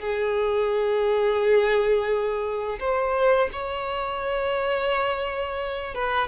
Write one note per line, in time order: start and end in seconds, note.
0.00 2.79 G#4
2.80 3.50 C5
3.53 5.95 C#5
5.95 6.29 B4